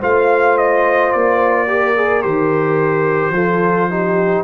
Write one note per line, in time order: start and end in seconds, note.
0.00 1.14 A3
0.00 1.68 F4
0.00 1.67 C5
0.00 0.58 F5
0.58 1.13 D#5
1.13 2.25 A#3
1.13 2.22 D5
1.67 1.96 G4
1.67 3.34 A#4
1.96 2.23 G#4
2.22 3.31 D#3
2.22 3.34 G4
2.22 4.45 C5
3.31 4.42 F3
3.31 3.91 F4
3.31 3.90 A4
3.91 4.45 D#4
3.91 4.45 G4